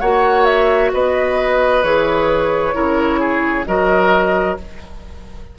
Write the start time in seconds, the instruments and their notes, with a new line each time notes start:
0.00 bassoon A#3, clarinet F#4, oboe C#5, flute F#5
0.46 flute E5
0.93 bassoon B3, oboe B4, flute D#5
1.84 bassoon E3, clarinet G#4, flute C#5
2.74 bassoon C#3, clarinet E4, oboe A#4
3.20 oboe G#4
3.66 bassoon F#3, clarinet F#4, oboe A#4, flute D#5